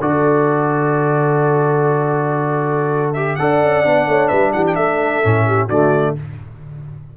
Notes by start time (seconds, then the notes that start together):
0.00 D3 F#4 A4 D5
3.13 G4 E5
3.35 D4 A4 D5 F#5
3.62 C#4
3.84 B3 D4
4.07 A3 C#5
4.28 G3 B4 E5
4.53 E3 G4 F#5
4.66 G5
4.75 A3 A4 E5
5.22 A2 C#4
5.46 G4
5.66 D3 A3 F#4 D5